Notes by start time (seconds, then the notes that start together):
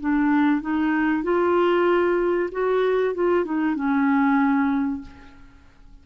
0.00 D4
0.61 D#4
1.23 F4
2.51 F#4
3.14 F4
3.44 D#4
3.75 C#4